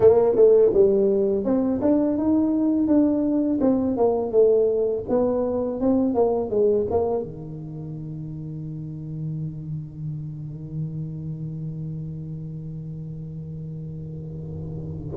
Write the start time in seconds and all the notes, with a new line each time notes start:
0.00 A#3
0.35 A3
0.73 G3
1.44 C4
1.81 D4
2.17 D#4
2.87 D4
3.60 C4
3.96 A#3
4.31 A3
5.09 B3
5.80 C4
6.14 A#3
6.50 G#3
6.90 A#3
7.23 D#3